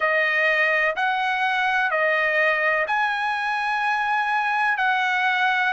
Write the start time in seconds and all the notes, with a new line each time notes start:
0.00 D#5
0.95 F#5
1.90 D#5
2.87 G#5
4.77 F#5